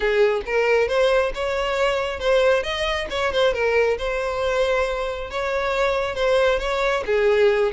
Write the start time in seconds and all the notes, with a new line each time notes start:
0.00 G#4
0.46 A#4
0.88 C5
1.34 C#5
2.19 C5
2.63 D#5
3.10 C#5
3.32 C5
3.53 A#4
3.98 C5
5.30 C#5
6.15 C5
6.59 C#5
7.06 G#4